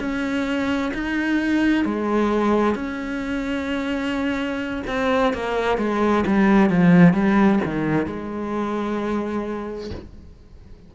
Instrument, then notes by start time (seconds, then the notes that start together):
cello
0.00 C#4
0.94 D#4
1.85 G#3
2.75 C#4
4.87 C4
5.33 A#3
5.78 G#3
6.26 G3
6.70 F3
7.13 G3
7.65 D#3
8.06 G#3